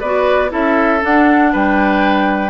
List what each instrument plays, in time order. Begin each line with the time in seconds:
0.00 bassoon B3, clarinet F#4, oboe B4, flute D5
0.49 bassoon C#4, clarinet E4, oboe A4, flute E5
1.02 clarinet D4, bassoon D4, flute F#5
1.52 bassoon G3, oboe B4, flute G5